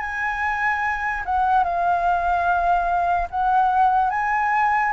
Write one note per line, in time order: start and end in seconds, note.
0.00 1.23 G#5
1.26 1.64 F#5
1.64 3.28 F5
3.30 4.10 F#5
4.10 4.92 G#5